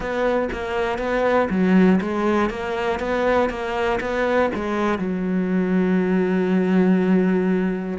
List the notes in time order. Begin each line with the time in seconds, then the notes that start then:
0.00 B3
0.52 A#3
0.98 B3
1.50 F#3
2.01 G#3
2.50 A#3
2.99 B3
3.49 A#3
4.00 B3
4.55 G#3
4.98 F#3